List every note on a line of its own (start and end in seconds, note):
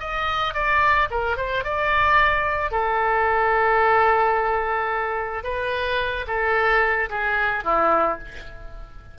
0.00 0.54 D#5
0.54 1.09 D5
1.11 1.37 A#4
1.37 1.64 C5
1.64 2.71 D5
2.71 5.44 A4
5.44 6.26 B4
6.28 7.09 A4
7.10 7.64 G#4
7.64 8.19 E4